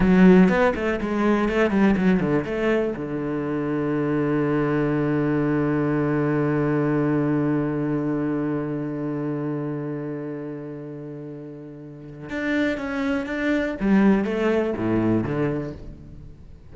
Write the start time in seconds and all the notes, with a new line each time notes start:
0.00 F#3
0.48 B3
0.75 A3
1.00 G#3
1.48 A3
1.70 G3
1.96 F#3
2.20 D3
2.45 A3
2.96 D3
12.29 D4
12.77 C#4
13.26 D4
13.80 G3
14.24 A3
14.77 A2
15.23 D3